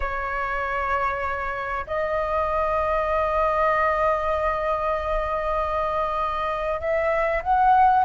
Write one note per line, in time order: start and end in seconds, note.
0.00 1.85 C#5
1.86 6.80 D#5
6.80 7.42 E5
7.43 8.04 F#5